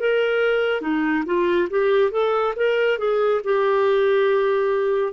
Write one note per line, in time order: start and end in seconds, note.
0.00 0.81 A#4
0.81 1.24 D#4
1.26 1.69 F4
1.70 2.12 G4
2.12 2.54 A4
2.56 2.99 A#4
2.99 3.42 G#4
3.45 5.14 G4